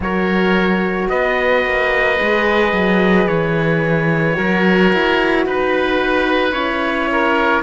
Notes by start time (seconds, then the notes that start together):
0.00 F#3 F#4 A#4 C#5
1.09 B3 B4 D#5
1.65 A#3
2.17 G#3 G#4
2.72 F#3
3.27 E3 C#5
4.34 F#3 F#4 A#4
4.93 E4
5.46 D#4 B4
6.52 C#4 E4 C#5
7.12 A#4